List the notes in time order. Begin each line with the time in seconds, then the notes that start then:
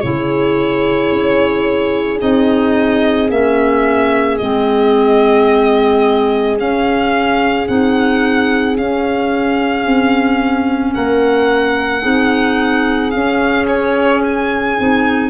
0.00 C#3 E4 G#4 C#5
1.12 C#4
2.19 C4 D#4 D#5
3.30 A#3 C#4 E5
4.38 G#3 C4 D#5
6.57 C#4 F5
7.68 C4 D#4 F#5
8.77 C#4 F5
9.85 C4
10.94 A#3 A#4 F#5
12.03 C4 D#4 G#4
13.11 C#4 F5
13.68 C#5
14.24 G#5
14.78 C4 D#4